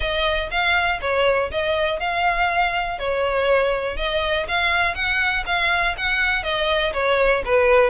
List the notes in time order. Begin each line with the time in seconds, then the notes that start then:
0.00 D#5
0.50 F5
1.01 C#5
1.51 D#5
1.99 F5
2.99 C#5
3.96 D#5
4.47 F5
4.94 F#5
5.45 F5
5.97 F#5
6.43 D#5
6.93 C#5
7.45 B4